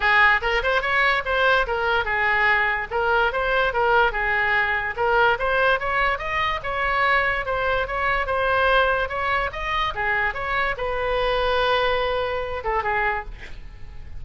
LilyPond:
\new Staff \with { instrumentName = "oboe" } { \time 4/4 \tempo 4 = 145 gis'4 ais'8 c''8 cis''4 c''4 | ais'4 gis'2 ais'4 | c''4 ais'4 gis'2 | ais'4 c''4 cis''4 dis''4 |
cis''2 c''4 cis''4 | c''2 cis''4 dis''4 | gis'4 cis''4 b'2~ | b'2~ b'8 a'8 gis'4 | }